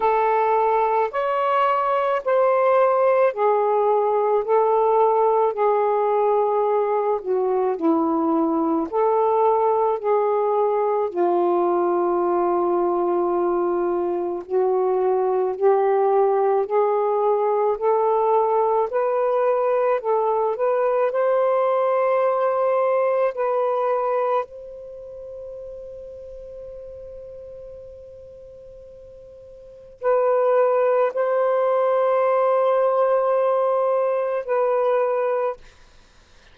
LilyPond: \new Staff \with { instrumentName = "saxophone" } { \time 4/4 \tempo 4 = 54 a'4 cis''4 c''4 gis'4 | a'4 gis'4. fis'8 e'4 | a'4 gis'4 f'2~ | f'4 fis'4 g'4 gis'4 |
a'4 b'4 a'8 b'8 c''4~ | c''4 b'4 c''2~ | c''2. b'4 | c''2. b'4 | }